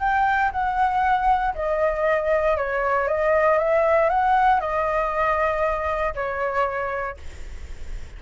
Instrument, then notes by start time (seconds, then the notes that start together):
flute
0.00 G5
0.52 F#5
1.54 D#5
2.57 C#5
3.08 D#5
3.58 E5
4.10 F#5
4.60 D#5
6.14 C#5